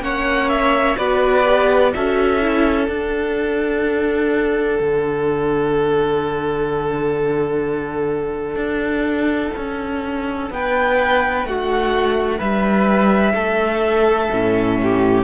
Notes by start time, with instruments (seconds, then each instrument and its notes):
0.00 cello A#3, viola C#4, violin C#5 F#5
0.48 violin E5
0.96 cello B3, viola F#4, violin B4 D5
1.45 viola G4
1.93 cello C#4, viola F#4, violin A4 E5
2.41 viola E4
2.87 cello D4, viola D4, violin F#5
4.79 cello D3
8.55 cello D4
9.56 cello C#4
10.50 cello B3, violin B4 G5
11.45 cello A3, violin F#4 F#5
12.38 cello G3, violin B4 E5
13.33 cello A3, violin A4
14.31 cello A2, viola C#4
14.82 violin G4